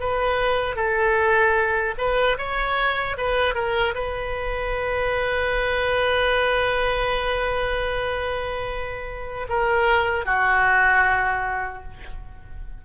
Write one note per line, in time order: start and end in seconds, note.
0.00 0.76 B4
0.76 1.95 A4
1.98 2.38 B4
2.38 3.17 C#5
3.18 3.55 B4
3.55 3.95 A#4
3.95 9.48 B4
9.50 10.26 A#4
10.26 11.84 F#4